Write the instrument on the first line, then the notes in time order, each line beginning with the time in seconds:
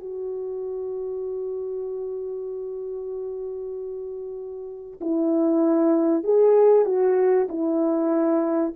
horn
0.00 F#4
5.01 E4
6.24 G#4
6.86 F#4
7.49 E4